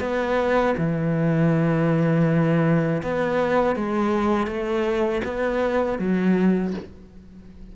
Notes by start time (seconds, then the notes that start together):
0.00 B3
0.77 E3
3.02 B3
3.75 G#3
4.47 A3
5.24 B3
5.98 F#3